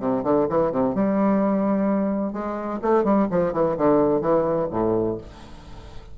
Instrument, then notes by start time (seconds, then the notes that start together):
bassoon
0.00 C3
0.24 D3
0.49 E3
0.72 C3
0.95 G3
2.33 G#3
2.82 A3
3.04 G3
3.31 F3
3.53 E3
3.77 D3
4.22 E3
4.71 A2